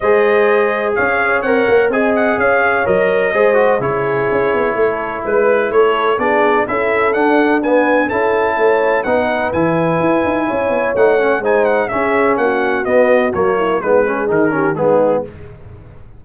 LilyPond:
<<
  \new Staff \with { instrumentName = "trumpet" } { \time 4/4 \tempo 4 = 126 dis''2 f''4 fis''4 | gis''8 fis''8 f''4 dis''2 | cis''2. b'4 | cis''4 d''4 e''4 fis''4 |
gis''4 a''2 fis''4 | gis''2. fis''4 | gis''8 fis''8 e''4 fis''4 dis''4 | cis''4 b'4 ais'4 gis'4 | }
  \new Staff \with { instrumentName = "horn" } { \time 4/4 c''2 cis''2 | dis''4 cis''2 c''4 | gis'2 a'4 b'4 | a'4 gis'4 a'2 |
b'4 a'4 cis''4 b'4~ | b'2 cis''2 | c''4 gis'4 fis'2~ | fis'8 e'8 dis'8 gis'4 g'8 dis'4 | }
  \new Staff \with { instrumentName = "trombone" } { \time 4/4 gis'2. ais'4 | gis'2 ais'4 gis'8 fis'8 | e'1~ | e'4 d'4 e'4 d'4 |
b4 e'2 dis'4 | e'2. dis'8 cis'8 | dis'4 cis'2 b4 | ais4 b8 cis'8 dis'8 cis'8 b4 | }
  \new Staff \with { instrumentName = "tuba" } { \time 4/4 gis2 cis'4 c'8 ais8 | c'4 cis'4 fis4 gis4 | cis4 cis'8 b8 a4 gis4 | a4 b4 cis'4 d'4~ |
d'4 cis'4 a4 b4 | e4 e'8 dis'8 cis'8 b8 a4 | gis4 cis'4 ais4 b4 | fis4 gis4 dis4 gis4 | }
>>